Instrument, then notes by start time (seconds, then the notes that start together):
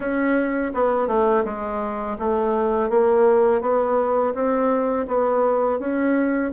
bassoon
0.00 C#4
0.74 B3
1.07 A3
1.45 G#3
2.18 A3
2.89 A#3
3.61 B3
4.34 C4
5.07 B3
5.79 C#4